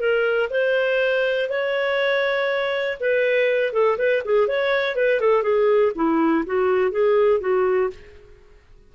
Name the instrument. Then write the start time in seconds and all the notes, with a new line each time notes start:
clarinet
0.00 A#4
0.50 C5
1.49 C#5
3.00 B4
3.73 A4
3.98 B4
4.25 G#4
4.48 C#5
4.96 B4
5.21 A4
5.43 G#4
5.96 E4
6.46 F#4
6.92 G#4
7.41 F#4